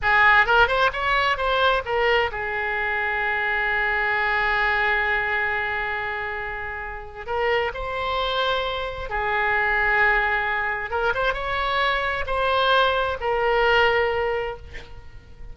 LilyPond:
\new Staff \with { instrumentName = "oboe" } { \time 4/4 \tempo 4 = 132 gis'4 ais'8 c''8 cis''4 c''4 | ais'4 gis'2.~ | gis'1~ | gis'1 |
ais'4 c''2. | gis'1 | ais'8 c''8 cis''2 c''4~ | c''4 ais'2. | }